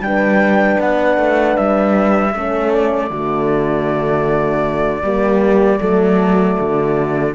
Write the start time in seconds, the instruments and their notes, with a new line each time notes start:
0.00 cello G3, horn D4, flute G5
0.07 horn B4
0.80 cello B3, flute F#5
1.18 cello A3
1.57 cello G3, flute E5
2.34 cello A3, horn C#4 A4
2.74 flute D5
3.10 cello D3, horn A3 F#4
5.03 cello G3, horn A#3 G4
5.79 cello F#3, horn A3 A4
6.59 cello D3, horn F#4